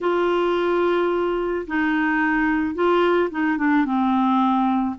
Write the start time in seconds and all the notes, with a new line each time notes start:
0.01 F4
1.67 D#4
2.74 F4
3.30 D#4
3.57 D4
3.85 C4